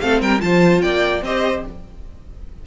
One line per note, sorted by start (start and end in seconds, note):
0.00 0.21 A3
0.00 0.39 C4
0.00 0.21 A4
0.00 0.20 F5
0.21 0.41 G3
0.21 0.42 A#4
0.21 0.41 G5
0.39 0.83 F3
0.39 1.21 F4
0.39 0.83 C5
0.39 0.81 A5
0.81 1.22 A#3
0.81 1.23 D5
0.81 1.22 G5
1.22 1.63 C4
1.22 1.66 G4
1.22 1.66 C5
1.22 1.65 D#5